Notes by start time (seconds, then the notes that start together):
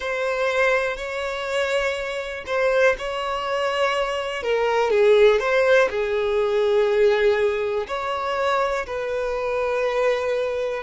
0.00 C5
0.96 C#5
2.46 C5
2.98 C#5
4.43 A#4
4.90 G#4
5.39 C5
5.90 G#4
7.87 C#5
8.86 B4